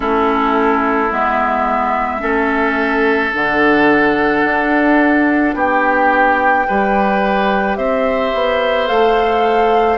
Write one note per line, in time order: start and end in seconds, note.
0.00 1.10 A3
0.00 1.08 C#4
0.00 2.21 E4
0.00 1.11 A4
1.11 2.22 G#3
1.11 2.19 B3
1.11 3.33 E5
2.19 3.33 A3
2.19 3.30 C#4
2.19 5.54 A4
3.33 4.44 D3
3.33 6.66 D4
3.33 5.54 F#5
4.44 5.54 D4
5.54 6.65 B3
5.54 6.66 G4
5.54 7.76 G5
6.66 7.77 G3
6.66 8.87 G4
6.66 7.77 B4
7.76 8.32 C4
7.76 9.98 C5
7.76 8.87 E5
8.34 8.89 B3
8.87 9.98 A3
8.87 9.98 A4
8.87 9.98 F5